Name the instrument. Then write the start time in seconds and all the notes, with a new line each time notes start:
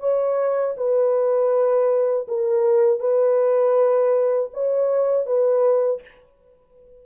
horn
0.00 C#5
0.77 B4
2.28 A#4
3.00 B4
4.54 C#5
5.27 B4